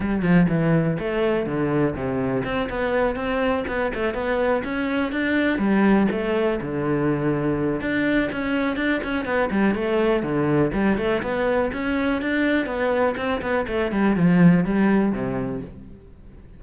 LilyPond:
\new Staff \with { instrumentName = "cello" } { \time 4/4 \tempo 4 = 123 g8 f8 e4 a4 d4 | c4 c'8 b4 c'4 b8 | a8 b4 cis'4 d'4 g8~ | g8 a4 d2~ d8 |
d'4 cis'4 d'8 cis'8 b8 g8 | a4 d4 g8 a8 b4 | cis'4 d'4 b4 c'8 b8 | a8 g8 f4 g4 c4 | }